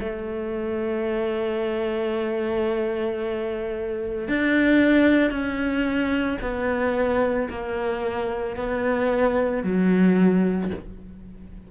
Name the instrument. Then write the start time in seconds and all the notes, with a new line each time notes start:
cello
0.00 A3
4.29 D4
5.31 C#4
6.42 B3
7.50 A#3
8.57 B3
9.64 F#3